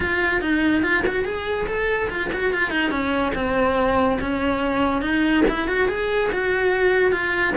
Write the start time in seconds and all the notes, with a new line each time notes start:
0.00 F4
0.41 D#4
0.82 F4
1.06 F#4
1.24 G#4
1.67 A4
2.09 F4
2.32 F#4
2.53 F4
2.70 D#4
2.90 C#4
3.34 C4
4.21 C#4
5.01 D#4
5.49 E4
5.67 F#4
5.88 G#4
6.32 F#4
7.12 F4